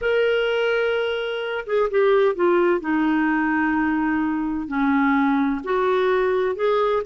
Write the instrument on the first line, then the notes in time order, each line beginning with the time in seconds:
clarinet
0.01 A#4
1.66 G#4
1.90 G4
2.35 F4
2.80 D#4
4.67 C#4
5.64 F#4
6.55 G#4